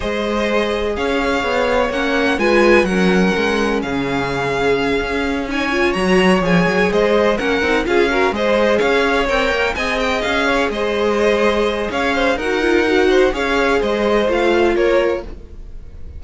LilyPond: <<
  \new Staff \with { instrumentName = "violin" } { \time 4/4 \tempo 4 = 126 dis''2 f''2 | fis''4 gis''4 fis''2 | f''2.~ f''8 gis''8~ | gis''8 ais''4 gis''4 dis''4 fis''8~ |
fis''8 f''4 dis''4 f''4 g''8~ | g''8 gis''8 g''8 f''4 dis''4.~ | dis''4 f''4 fis''2 | f''4 dis''4 f''4 cis''4 | }
  \new Staff \with { instrumentName = "violin" } { \time 4/4 c''2 cis''2~ | cis''4 b'4 ais'2 | gis'2.~ gis'8 cis''8~ | cis''2~ cis''8 c''4 ais'8~ |
ais'8 gis'8 ais'8 c''4 cis''4.~ | cis''8 dis''4. cis''8 c''4.~ | c''4 cis''8 c''8 ais'4. c''8 | cis''4 c''2 ais'4 | }
  \new Staff \with { instrumentName = "viola" } { \time 4/4 gis'1 | cis'4 f'4 cis'2~ | cis'2.~ cis'8 dis'8 | f'8 fis'4 gis'2 cis'8 |
dis'8 f'8 fis'8 gis'2 ais'8~ | ais'8 gis'2.~ gis'8~ | gis'2 fis'8 f'8 fis'4 | gis'2 f'2 | }
  \new Staff \with { instrumentName = "cello" } { \time 4/4 gis2 cis'4 b4 | ais4 gis4 fis4 gis4 | cis2~ cis8 cis'4.~ | cis'8 fis4 f8 fis8 gis4 ais8 |
c'8 cis'4 gis4 cis'4 c'8 | ais8 c'4 cis'4 gis4.~ | gis4 cis'4 dis'2 | cis'4 gis4 a4 ais4 | }
>>